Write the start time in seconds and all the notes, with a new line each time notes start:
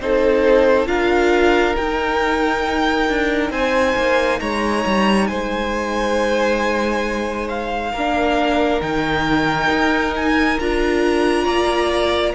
0.00 C4 D#4 A4 C5
0.87 D4 F4 A#4 F5
1.75 D#4 G5
3.09 D4
3.51 C4 C5 G#5
3.96 A#3
4.40 G#3 C#5 A#5
4.86 G3
5.27 G#3 C5 G#5
7.49 F5
7.92 A#3 D4 A#4
8.81 D#3 D#4 G5
9.70 D#4
10.16 G#5
10.59 D4 F4 A#5
11.44 A#3 D5